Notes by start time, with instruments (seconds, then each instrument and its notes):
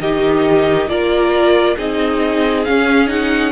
0.00 cello D#3, viola D#4, violin G4 D#5
0.88 cello A#3, viola F4, violin A#4 D5
1.76 cello C4, viola D#4, violin G#4 D#5
2.65 viola C#4, cello C#4, violin F5
3.08 viola D#4, violin F#5